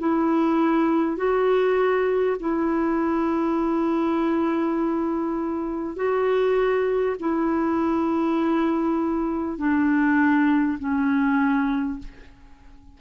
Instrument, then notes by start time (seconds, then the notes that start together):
clarinet
0.00 E4
1.17 F#4
2.40 E4
5.97 F#4
7.20 E4
9.59 D4
10.79 C#4